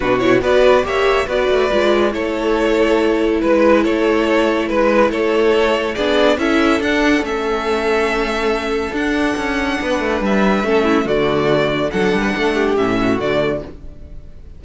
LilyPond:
<<
  \new Staff \with { instrumentName = "violin" } { \time 4/4 \tempo 4 = 141 b'8 cis''8 d''4 e''4 d''4~ | d''4 cis''2. | b'4 cis''2 b'4 | cis''2 d''4 e''4 |
fis''4 e''2.~ | e''4 fis''2. | e''2 d''2 | fis''2 e''4 d''4 | }
  \new Staff \with { instrumentName = "violin" } { \time 4/4 fis'4 b'4 cis''4 b'4~ | b'4 a'2. | b'4 a'2 b'4 | a'2 gis'4 a'4~ |
a'1~ | a'2. b'4~ | b'4 a'8 e'8 fis'2 | a'8. b'16 a'8 g'4 fis'4. | }
  \new Staff \with { instrumentName = "viola" } { \time 4/4 d'8 e'8 fis'4 g'4 fis'4 | f'4 e'2.~ | e'1~ | e'2 d'4 e'4 |
d'4 cis'2.~ | cis'4 d'2.~ | d'4 cis'4 a2 | d'2 cis'4 a4 | }
  \new Staff \with { instrumentName = "cello" } { \time 4/4 b,4 b4 ais4 b8 a8 | gis4 a2. | gis4 a2 gis4 | a2 b4 cis'4 |
d'4 a2.~ | a4 d'4 cis'4 b8 a8 | g4 a4 d2 | fis8 g8 a4 a,4 d4 | }
>>